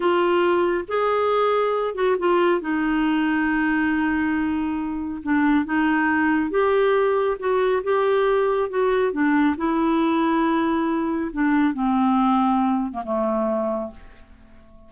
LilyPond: \new Staff \with { instrumentName = "clarinet" } { \time 4/4 \tempo 4 = 138 f'2 gis'2~ | gis'8 fis'8 f'4 dis'2~ | dis'1 | d'4 dis'2 g'4~ |
g'4 fis'4 g'2 | fis'4 d'4 e'2~ | e'2 d'4 c'4~ | c'4.~ c'16 ais16 a2 | }